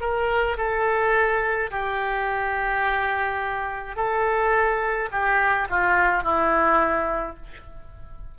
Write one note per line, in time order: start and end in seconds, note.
0.00 0.57 A#4
0.57 1.70 A4
1.71 3.96 G4
3.96 5.09 A4
5.11 5.68 G4
5.70 6.23 F4
6.23 7.36 E4